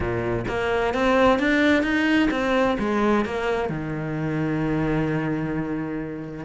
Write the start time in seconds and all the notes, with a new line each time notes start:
0.00 A#2
0.48 A#3
0.94 C4
1.39 D4
1.82 D#4
2.31 C4
2.78 G#3
3.25 A#3
3.69 D#3